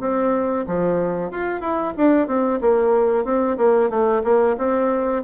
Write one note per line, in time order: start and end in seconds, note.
0.00 0.65 C4
0.67 1.31 F3
1.31 1.60 F4
1.60 1.93 E4
1.97 2.27 D4
2.27 2.60 C4
2.61 3.24 A#3
3.24 3.57 C4
3.57 3.90 A#3
3.90 4.22 A3
4.24 4.56 A#3
4.57 5.23 C4